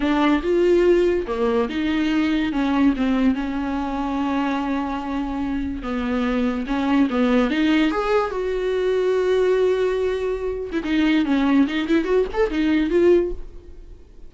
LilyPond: \new Staff \with { instrumentName = "viola" } { \time 4/4 \tempo 4 = 144 d'4 f'2 ais4 | dis'2 cis'4 c'4 | cis'1~ | cis'2 b2 |
cis'4 b4 dis'4 gis'4 | fis'1~ | fis'4.~ fis'16 e'16 dis'4 cis'4 | dis'8 e'8 fis'8 a'8 dis'4 f'4 | }